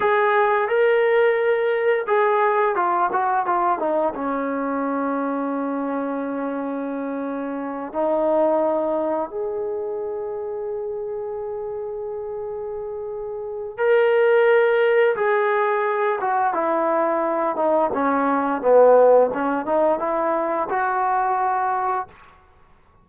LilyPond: \new Staff \with { instrumentName = "trombone" } { \time 4/4 \tempo 4 = 87 gis'4 ais'2 gis'4 | f'8 fis'8 f'8 dis'8 cis'2~ | cis'2.~ cis'8 dis'8~ | dis'4. gis'2~ gis'8~ |
gis'1 | ais'2 gis'4. fis'8 | e'4. dis'8 cis'4 b4 | cis'8 dis'8 e'4 fis'2 | }